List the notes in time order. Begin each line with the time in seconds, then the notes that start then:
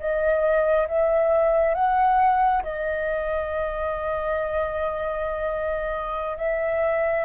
0.00 D#5
0.89 E5
1.75 F#5
2.64 D#5
6.37 E5